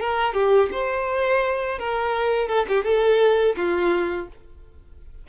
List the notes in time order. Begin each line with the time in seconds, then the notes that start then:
0.00 A#4
0.33 G4
0.71 C5
1.79 A#4
2.48 A4
2.68 G4
2.84 A4
3.56 F4